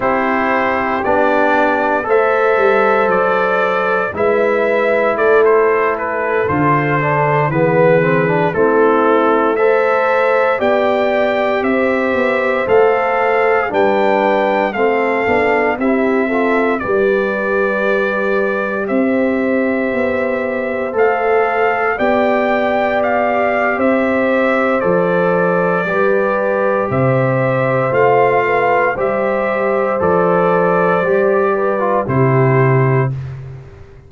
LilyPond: <<
  \new Staff \with { instrumentName = "trumpet" } { \time 4/4 \tempo 4 = 58 c''4 d''4 e''4 d''4 | e''4 d''16 c''8 b'8 c''4 b'8.~ | b'16 a'4 e''4 g''4 e''8.~ | e''16 f''4 g''4 f''4 e''8.~ |
e''16 d''2 e''4.~ e''16~ | e''16 f''4 g''4 f''8. e''4 | d''2 e''4 f''4 | e''4 d''2 c''4 | }
  \new Staff \with { instrumentName = "horn" } { \time 4/4 g'2 c''2 | b'4 a'2~ a'16 gis'8.~ | gis'16 e'4 c''4 d''4 c''8.~ | c''4~ c''16 b'4 a'4 g'8 a'16~ |
a'16 b'2 c''4.~ c''16~ | c''4~ c''16 d''4.~ d''16 c''4~ | c''4 b'4 c''4. b'8 | c''2~ c''8 b'8 g'4 | }
  \new Staff \with { instrumentName = "trombone" } { \time 4/4 e'4 d'4 a'2 | e'2~ e'16 f'8 d'8 b8 c'16 | d'16 c'4 a'4 g'4.~ g'16~ | g'16 a'4 d'4 c'8 d'8 e'8 f'16~ |
f'16 g'2.~ g'8.~ | g'16 a'4 g'2~ g'8. | a'4 g'2 f'4 | g'4 a'4 g'8. f'16 e'4 | }
  \new Staff \with { instrumentName = "tuba" } { \time 4/4 c'4 b4 a8 g8 fis4 | gis4 a4~ a16 d4 e8.~ | e16 a2 b4 c'8 b16~ | b16 a4 g4 a8 b8 c'8.~ |
c'16 g2 c'4 b8.~ | b16 a4 b4.~ b16 c'4 | f4 g4 c4 a4 | g4 f4 g4 c4 | }
>>